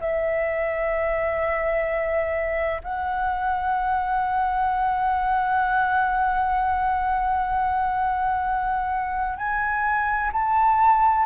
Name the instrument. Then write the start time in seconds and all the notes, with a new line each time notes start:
flute
0.00 E5
2.83 F#5
9.37 G#5
10.32 A5